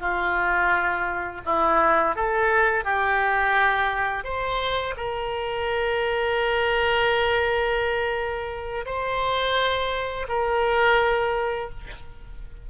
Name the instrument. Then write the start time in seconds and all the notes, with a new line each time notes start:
oboe
0.00 F4
1.45 E4
2.16 A4
2.84 G4
4.24 C5
4.97 A#4
8.86 C5
10.28 A#4